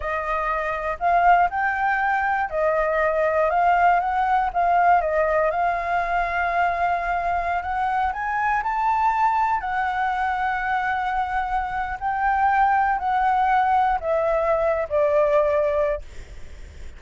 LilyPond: \new Staff \with { instrumentName = "flute" } { \time 4/4 \tempo 4 = 120 dis''2 f''4 g''4~ | g''4 dis''2 f''4 | fis''4 f''4 dis''4 f''4~ | f''2.~ f''16 fis''8.~ |
fis''16 gis''4 a''2 fis''8.~ | fis''1 | g''2 fis''2 | e''4.~ e''16 d''2~ d''16 | }